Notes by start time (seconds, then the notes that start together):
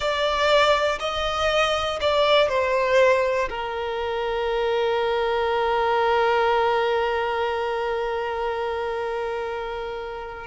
0.00 D5
0.99 D#5
2.00 D5
2.48 C5
3.49 A#4